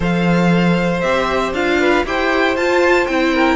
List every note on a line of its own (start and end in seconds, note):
0.00 1.02 F3
0.00 1.03 A4
0.00 1.79 C5
0.00 1.00 F5
1.00 1.53 C4
1.00 1.54 G4
1.00 1.52 E5
1.53 2.04 D4
1.53 2.05 F4
1.53 2.05 F5
1.79 2.05 B4
2.04 2.56 E4
2.04 2.56 G4
2.04 3.34 C5
2.04 2.56 G5
2.56 3.07 F4
2.56 3.08 F4
2.56 3.06 A5
3.06 3.55 C4
3.06 3.55 E4
3.06 3.55 G5
3.34 3.55 A#4